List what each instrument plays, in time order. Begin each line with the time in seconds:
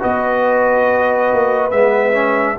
0.00 tuba B3, trombone F#4, horn B4, trumpet D#5
1.33 tuba A#3
1.71 tuba G#3, trombone B3, trumpet E5
2.14 trombone C#4